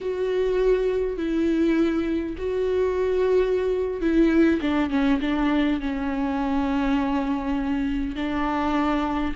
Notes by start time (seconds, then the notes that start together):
0.00 F#4
1.17 E4
2.37 F#4
4.01 E4
4.61 D4
4.90 C#4
5.20 D4
5.80 C#4
8.15 D4